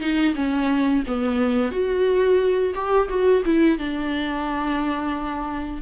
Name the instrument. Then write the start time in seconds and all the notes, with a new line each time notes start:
viola
0.00 D#4
0.35 C#4
1.07 B3
1.71 F#4
2.74 G4
3.09 F#4
3.45 E4
3.78 D4